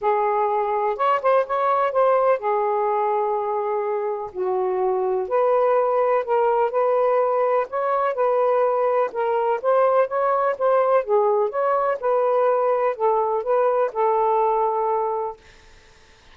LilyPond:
\new Staff \with { instrumentName = "saxophone" } { \time 4/4 \tempo 4 = 125 gis'2 cis''8 c''8 cis''4 | c''4 gis'2.~ | gis'4 fis'2 b'4~ | b'4 ais'4 b'2 |
cis''4 b'2 ais'4 | c''4 cis''4 c''4 gis'4 | cis''4 b'2 a'4 | b'4 a'2. | }